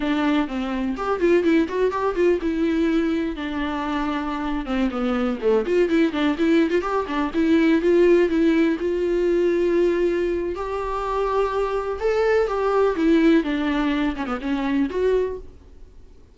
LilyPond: \new Staff \with { instrumentName = "viola" } { \time 4/4 \tempo 4 = 125 d'4 c'4 g'8 f'8 e'8 fis'8 | g'8 f'8 e'2 d'4~ | d'4.~ d'16 c'8 b4 a8 f'16~ | f'16 e'8 d'8 e'8. f'16 g'8 d'8 e'8.~ |
e'16 f'4 e'4 f'4.~ f'16~ | f'2 g'2~ | g'4 a'4 g'4 e'4 | d'4. cis'16 b16 cis'4 fis'4 | }